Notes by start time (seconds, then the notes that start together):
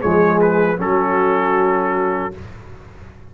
0.00 F3 G#3 G#4 C#5
0.41 B4
0.78 F#3 C#4 F#4 A4